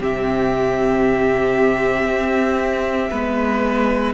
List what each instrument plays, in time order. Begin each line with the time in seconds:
0.00 cello C3, viola C4, violin G4 E5
2.05 cello C4
3.11 cello G#3, viola B3, violin B4